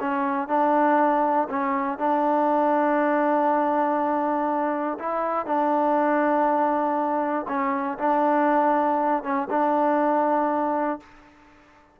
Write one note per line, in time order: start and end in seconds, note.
0.00 0.48 C#4
0.48 1.48 D4
1.49 1.98 C#4
1.98 4.98 D4
4.99 5.46 E4
5.46 7.46 D4
7.48 7.98 C#4
7.98 9.23 D4
9.23 9.48 C#4
9.50 11.00 D4